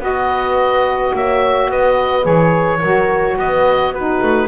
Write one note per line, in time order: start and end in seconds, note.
0.00 1.13 B3
0.00 2.22 F#4
0.00 1.13 B4
0.00 1.16 D#5
1.14 1.70 A#3
1.14 1.69 C#5
1.14 1.72 E5
1.69 2.26 B3
1.69 2.80 B4
1.69 2.26 D#5
2.22 2.82 E3
2.22 2.79 G#4
2.22 3.38 C#5
2.80 3.37 F#3
2.80 3.95 F#4
2.80 3.36 A#4
3.37 4.21 B3
3.37 3.94 B4
3.37 3.94 D#5
3.94 4.48 D#4
3.94 4.48 F#4
3.94 4.48 B4
4.23 4.48 A3